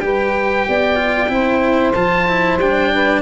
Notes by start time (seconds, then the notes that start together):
0.00 G3 G4 B4 G5
0.68 B3 D5
0.95 F4
1.29 C4 E4 C5
1.94 F3 F4 A5
2.28 E4
2.57 G3 D4 G5
2.93 B4